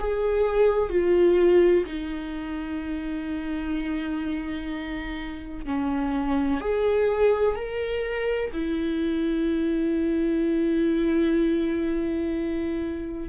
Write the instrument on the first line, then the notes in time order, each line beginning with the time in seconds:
viola
0.00 G#4
0.90 F4
1.86 D#4
5.66 C#4
6.61 G#4
7.56 A#4
8.54 E4